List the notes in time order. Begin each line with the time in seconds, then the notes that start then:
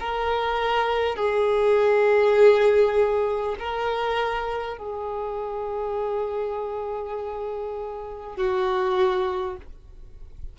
0.00 A#4
1.16 G#4
3.59 A#4
4.78 G#4
8.37 F#4